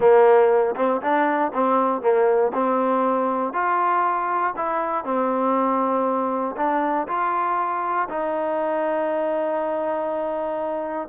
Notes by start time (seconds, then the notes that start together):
0.00 A#3
0.76 C4
1.01 D4
1.53 C4
2.01 A#3
2.53 C4
3.53 F4
4.56 E4
5.04 C4
6.56 D4
7.07 F4
8.09 D#4